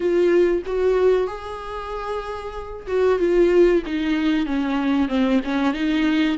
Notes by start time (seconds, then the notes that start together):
0.00 F4
0.66 F#4
1.27 G#4
2.87 F#4
3.19 F4
3.86 D#4
4.45 C#4
5.08 C4
5.44 C#4
5.73 D#4